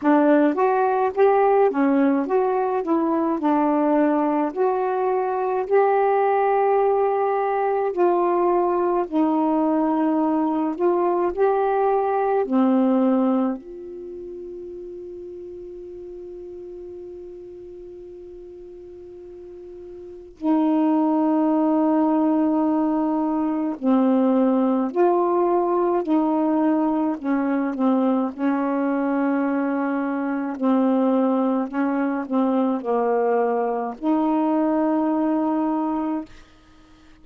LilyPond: \new Staff \with { instrumentName = "saxophone" } { \time 4/4 \tempo 4 = 53 d'8 fis'8 g'8 cis'8 fis'8 e'8 d'4 | fis'4 g'2 f'4 | dis'4. f'8 g'4 c'4 | f'1~ |
f'2 dis'2~ | dis'4 c'4 f'4 dis'4 | cis'8 c'8 cis'2 c'4 | cis'8 c'8 ais4 dis'2 | }